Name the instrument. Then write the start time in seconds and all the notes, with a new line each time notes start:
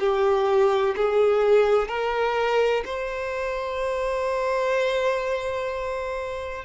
violin
0.00 G4
0.97 G#4
1.89 A#4
2.86 C5